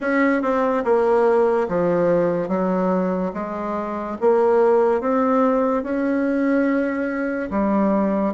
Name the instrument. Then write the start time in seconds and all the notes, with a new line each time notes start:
bassoon
0.00 C#4
0.42 C4
0.84 A#3
1.68 F3
2.48 F#3
3.33 G#3
4.20 A#3
5.00 C4
5.83 C#4
7.50 G3